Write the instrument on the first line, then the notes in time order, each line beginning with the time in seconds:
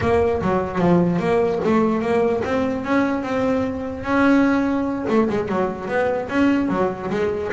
double bass
0.00 A#3
0.41 F#3
0.79 F3
1.19 A#3
1.64 A3
2.01 A#3
2.44 C4
2.84 C#4
3.22 C4
4.03 C#4
5.08 A3
5.29 G#3
5.48 F#3
5.87 B3
6.29 C#4
6.69 F#3
7.10 G#3